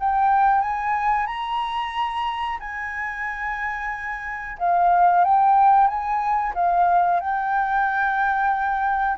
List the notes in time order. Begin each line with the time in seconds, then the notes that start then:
0.00 G5
0.61 G#5
1.27 A#5
2.60 G#5
4.59 F5
5.24 G5
5.88 G#5
6.55 F5
7.20 G5